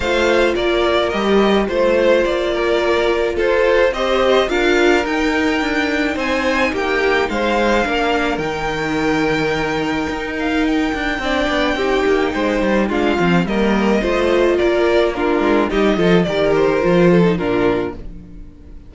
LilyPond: <<
  \new Staff \with { instrumentName = "violin" } { \time 4/4 \tempo 4 = 107 f''4 d''4 dis''4 c''4 | d''2 c''4 dis''4 | f''4 g''2 gis''4 | g''4 f''2 g''4~ |
g''2~ g''8 f''8 g''4~ | g''2. f''4 | dis''2 d''4 ais'4 | dis''4 d''8 c''4. ais'4 | }
  \new Staff \with { instrumentName = "violin" } { \time 4/4 c''4 ais'2 c''4~ | c''8 ais'4. a'4 c''4 | ais'2. c''4 | g'4 c''4 ais'2~ |
ais'1 | d''4 g'4 c''4 f'4 | ais'4 c''4 ais'4 f'4 | g'8 a'8 ais'4. a'8 f'4 | }
  \new Staff \with { instrumentName = "viola" } { \time 4/4 f'2 g'4 f'4~ | f'2. g'4 | f'4 dis'2.~ | dis'2 d'4 dis'4~ |
dis'1 | d'4 dis'2 d'8 c'8 | ais4 f'2 d'4 | dis'8 f'8 g'4 f'8. dis'16 d'4 | }
  \new Staff \with { instrumentName = "cello" } { \time 4/4 a4 ais4 g4 a4 | ais2 f'4 c'4 | d'4 dis'4 d'4 c'4 | ais4 gis4 ais4 dis4~ |
dis2 dis'4. d'8 | c'8 b8 c'8 ais8 gis8 g8 gis8 f8 | g4 a4 ais4. gis8 | g8 f8 dis4 f4 ais,4 | }
>>